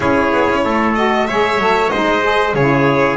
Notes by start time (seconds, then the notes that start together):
0.00 C#4 E4 G#4 C#5
0.32 B3
0.49 C#4
0.64 A3 A4
0.94 F#4 D#5
1.27 G#3 G#4 C#5 E5
1.58 F#3 A4
1.89 G#3 D#4 C5 D#5
2.22 G#4
2.54 C#3 E4 G#4 C#5